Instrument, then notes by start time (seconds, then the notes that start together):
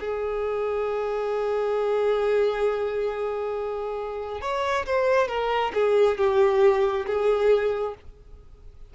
violin
0.00 G#4
4.42 C#5
4.86 C5
5.28 A#4
5.74 G#4
6.18 G4
7.06 G#4